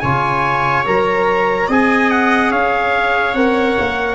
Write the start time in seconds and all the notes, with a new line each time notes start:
0.00 C#3 F4 C#5 G#5
0.85 F#3 A#4 A#5
1.68 C4 G#4 D#5 G#5
2.11 F#5
2.51 C#4 C#5 F5
3.35 C4 A#4 F#5
3.79 A#3